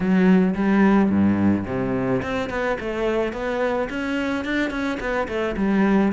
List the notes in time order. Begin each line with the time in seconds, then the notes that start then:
0.00 F#3
0.54 G3
1.10 G2
1.66 C3
2.22 C4
2.49 B3
2.80 A3
3.32 B3
3.89 C#4
4.44 D4
4.70 C#4
4.99 B3
5.28 A3
5.57 G3